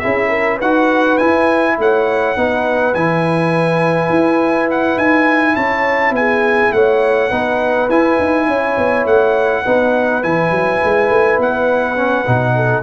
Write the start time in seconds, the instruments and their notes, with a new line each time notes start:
0.00 tuba C#4, trombone E4, horn G#4, trumpet E5
0.30 horn A#4
0.57 tuba D#4, trombone F#4, horn B4, trumpet F#5
1.18 trombone E4, tuba E4, trumpet G#5
1.79 tuba A3, horn C#5, trumpet F#5
2.37 tuba B3, trombone D#4, horn B4
2.95 tuba E3, trombone E4, trumpet G#5
4.10 tuba E4
4.71 trumpet F#5
4.98 tuba D#4, trumpet G#5
5.56 tuba C#4, horn C#5, trumpet A5
6.11 tuba B3, trumpet G#5
6.18 horn G#4
6.73 tuba A3, horn C#5, trumpet F#5
7.29 tuba B3, trombone D#4, horn B4
7.89 tuba E4, trombone E4, trumpet G#5
8.20 tuba D#4
8.48 tuba C#4, horn C#5
8.78 tuba B3
9.06 tuba A3, trumpet F#5
9.63 tuba B3, trombone D#4, horn B4
10.23 tuba E3, trombone E4, trumpet G#5
10.51 tuba F#3
10.84 tuba G#3
11.10 tuba A3
11.38 tuba B3, trumpet F#5
11.96 trombone C#4
12.27 tuba B2, trombone D#4
12.56 horn A4